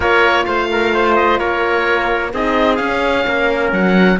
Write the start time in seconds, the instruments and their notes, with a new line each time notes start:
0.00 cello A#3, horn F4, trumpet A#4, oboe C#5
0.45 cello A3, trumpet C5, oboe F5
0.71 trumpet A#4
0.94 trumpet C5
1.15 oboe D#5
1.38 cello A#3, trumpet A#4, oboe C#5
2.33 cello C4, horn D#4, trumpet G#4, oboe D#5
2.75 cello C#4, horn C#4, oboe F5
3.27 cello A#3, trumpet A#4
3.72 cello F#3, oboe F#5